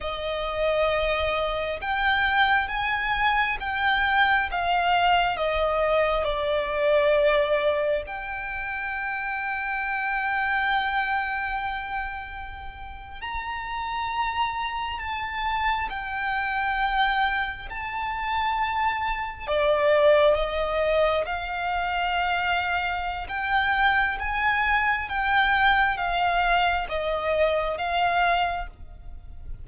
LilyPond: \new Staff \with { instrumentName = "violin" } { \time 4/4 \tempo 4 = 67 dis''2 g''4 gis''4 | g''4 f''4 dis''4 d''4~ | d''4 g''2.~ | g''2~ g''8. ais''4~ ais''16~ |
ais''8. a''4 g''2 a''16~ | a''4.~ a''16 d''4 dis''4 f''16~ | f''2 g''4 gis''4 | g''4 f''4 dis''4 f''4 | }